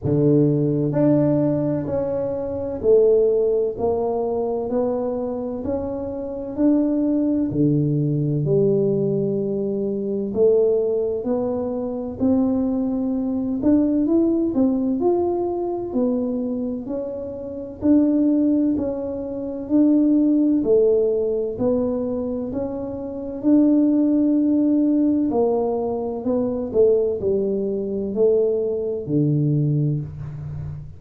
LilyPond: \new Staff \with { instrumentName = "tuba" } { \time 4/4 \tempo 4 = 64 d4 d'4 cis'4 a4 | ais4 b4 cis'4 d'4 | d4 g2 a4 | b4 c'4. d'8 e'8 c'8 |
f'4 b4 cis'4 d'4 | cis'4 d'4 a4 b4 | cis'4 d'2 ais4 | b8 a8 g4 a4 d4 | }